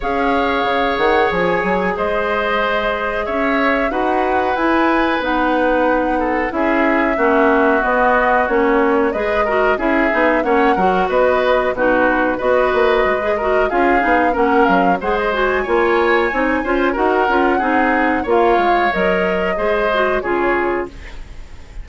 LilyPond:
<<
  \new Staff \with { instrumentName = "flute" } { \time 4/4 \tempo 4 = 92 f''4. fis''8 gis''4 dis''4~ | dis''4 e''4 fis''4 gis''4 | fis''2 e''2 | dis''4 cis''4 dis''4 e''4 |
fis''4 dis''4 b'4 dis''4~ | dis''4 f''4 fis''8 f''8 fis''16 dis''16 gis''8~ | gis''2 fis''2 | f''4 dis''2 cis''4 | }
  \new Staff \with { instrumentName = "oboe" } { \time 4/4 cis''2. c''4~ | c''4 cis''4 b'2~ | b'4. a'8 gis'4 fis'4~ | fis'2 b'8 ais'8 gis'4 |
cis''8 ais'8 b'4 fis'4 b'4~ | b'8 ais'8 gis'4 ais'4 c''4 | cis''4. c''8 ais'4 gis'4 | cis''2 c''4 gis'4 | }
  \new Staff \with { instrumentName = "clarinet" } { \time 4/4 gis'1~ | gis'2 fis'4 e'4 | dis'2 e'4 cis'4 | b4 cis'4 gis'8 fis'8 e'8 dis'8 |
cis'8 fis'4. dis'4 fis'4~ | fis'16 gis'16 fis'8 f'8 dis'8 cis'4 gis'8 fis'8 | f'4 dis'8 f'8 fis'8 f'8 dis'4 | f'4 ais'4 gis'8 fis'8 f'4 | }
  \new Staff \with { instrumentName = "bassoon" } { \time 4/4 cis'4 cis8 dis8 f8 fis8 gis4~ | gis4 cis'4 dis'4 e'4 | b2 cis'4 ais4 | b4 ais4 gis4 cis'8 b8 |
ais8 fis8 b4 b,4 b8 ais8 | gis4 cis'8 b8 ais8 fis8 gis4 | ais4 c'8 cis'8 dis'8 cis'8 c'4 | ais8 gis8 fis4 gis4 cis4 | }
>>